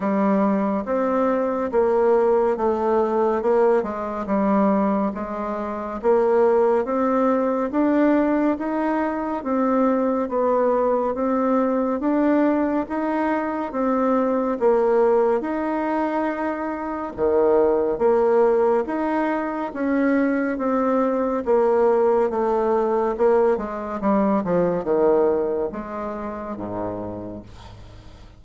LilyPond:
\new Staff \with { instrumentName = "bassoon" } { \time 4/4 \tempo 4 = 70 g4 c'4 ais4 a4 | ais8 gis8 g4 gis4 ais4 | c'4 d'4 dis'4 c'4 | b4 c'4 d'4 dis'4 |
c'4 ais4 dis'2 | dis4 ais4 dis'4 cis'4 | c'4 ais4 a4 ais8 gis8 | g8 f8 dis4 gis4 gis,4 | }